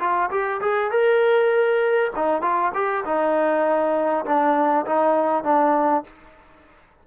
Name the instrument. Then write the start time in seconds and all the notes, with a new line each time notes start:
trombone
0.00 F4
0.31 G4
0.61 G#4
0.91 A#4
2.16 D#4
2.42 F4
2.74 G4
3.05 D#4
4.25 D4
4.86 D#4
5.44 D4